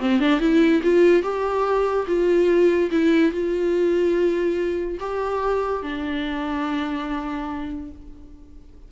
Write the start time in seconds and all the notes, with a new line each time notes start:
0.00 C4
0.20 D4
0.40 E4
0.83 F4
1.23 G4
2.07 F4
2.91 E4
3.32 F4
5.00 G4
5.83 D4